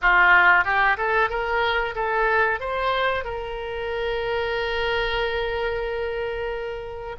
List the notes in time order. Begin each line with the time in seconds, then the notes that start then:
0.01 F4
0.64 G4
0.97 A4
1.29 A#4
1.95 A4
2.60 C5
3.24 A#4